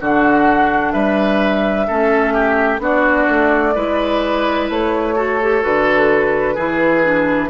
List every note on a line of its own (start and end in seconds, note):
0.00 0.94 D3
0.00 1.88 D4
0.00 0.92 F#4
0.00 0.92 F#5
0.92 1.87 G3
0.92 1.86 B4
0.92 2.79 E5
1.87 2.79 A3
1.87 2.79 C#4
1.87 2.33 A4
2.33 2.80 G4
2.79 3.26 B3
2.79 3.73 D4
2.79 3.74 F#4
2.79 4.70 D5
3.29 3.75 A3
3.74 4.69 G#3
3.74 5.16 E4
3.74 5.15 B4
4.69 5.63 A3
4.69 5.63 C#5
5.16 5.39 F#4
5.16 6.54 A4
5.41 5.61 G4
5.61 6.56 D3
5.61 6.55 F#4
5.61 7.50 B4
6.54 7.50 E3
6.54 7.03 E4
6.54 7.48 G#4
7.03 7.50 D4